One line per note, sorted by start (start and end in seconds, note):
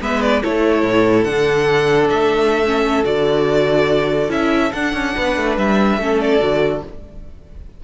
0.00 0.42 G#3
0.00 0.42 B3
0.00 0.42 B4
0.00 0.21 E5
0.21 0.42 D5
0.42 0.83 A3
0.42 1.27 E4
0.42 5.15 A4
0.42 1.24 C#5
0.83 1.25 A2
1.24 2.09 D3
1.24 2.64 D4
1.24 2.07 F#5
2.09 3.04 A3
2.09 3.04 E5
2.65 3.04 C#4
3.04 4.29 D3
3.04 4.29 F#4
3.04 4.31 D5
4.29 4.71 C#4
4.29 4.71 E4
4.29 4.72 E5
4.72 4.93 D4
4.72 6.00 D4
4.72 5.56 F#5
4.93 5.14 C#4
5.16 5.36 B3
5.16 6.00 B4
5.36 5.57 A3
5.57 5.97 G3
5.57 6.20 E5
5.97 6.39 A3
5.97 6.39 C#4
5.97 6.84 A4
6.20 6.83 D5
6.39 6.83 D3
6.39 6.81 F#4